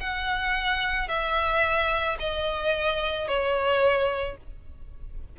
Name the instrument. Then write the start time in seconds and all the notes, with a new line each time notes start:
violin
0.00 F#5
1.08 E5
2.19 D#5
3.28 C#5